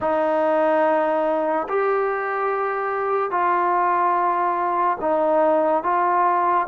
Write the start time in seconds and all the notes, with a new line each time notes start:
0.00 D#4
1.68 G4
3.30 F4
5.00 D#4
5.83 F4